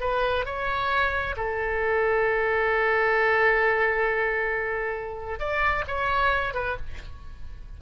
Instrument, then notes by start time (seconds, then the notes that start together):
oboe
0.00 B4
0.45 C#5
1.36 A4
5.39 D5
5.87 C#5
6.54 B4